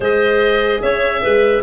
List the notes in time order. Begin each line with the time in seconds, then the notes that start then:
0.00 G#3 G#4 C5 D#5
0.81 C#4 C#5 E5
1.21 G#3 B4